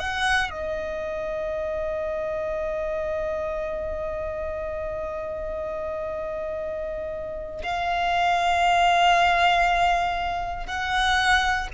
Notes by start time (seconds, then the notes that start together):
0.00 F#5
0.50 D#5
7.63 F5
10.67 F#5